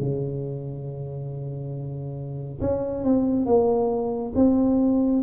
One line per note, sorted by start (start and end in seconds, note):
0.00 2.61 C#3
2.61 3.04 C#4
3.04 3.46 C4
3.46 4.33 A#3
4.36 5.23 C4